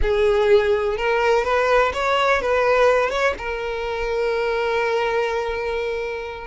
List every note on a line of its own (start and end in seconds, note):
0.01 0.97 G#4
0.97 1.44 A#4
1.44 1.92 B4
1.93 2.41 C#5
2.41 3.10 B4
3.10 3.34 C#5
3.38 6.47 A#4